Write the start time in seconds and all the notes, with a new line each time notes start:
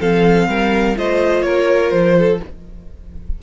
0.00 F3 C4 A4 F5
0.47 G3 A#4
0.95 A3 F4 C5 D#5
1.42 A#3 A#4 C#5
1.89 F3 C5
2.18 A4